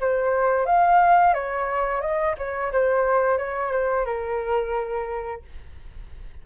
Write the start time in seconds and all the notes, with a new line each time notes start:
0.00 C5
0.66 F5
1.34 C#5
2.01 D#5
2.38 C#5
2.72 C5
3.38 C#5
3.72 C5
4.05 A#4